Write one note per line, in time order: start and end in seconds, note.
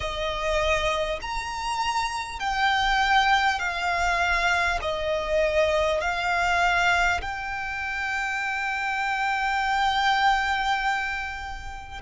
0.00 1.19 D#5
1.21 2.39 A#5
2.39 3.59 G5
3.59 4.79 F5
4.81 6.00 D#5
6.00 7.20 F5
7.21 12.01 G5